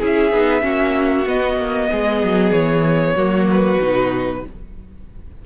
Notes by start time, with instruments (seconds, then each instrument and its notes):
0.00 cello C#4, viola E4, violin G#4 E5
0.32 cello B3, viola D#4
0.61 cello A#3, viola C#4, violin F#4
1.26 cello B3, viola B3, violin D#5
1.57 cello A#3
1.92 cello G#3, violin G#4
2.23 cello F#3
2.52 cello E3, violin C#5
3.16 cello F#3, viola A#3, violin F#4
3.51 violin B4
3.81 cello B2, viola D#4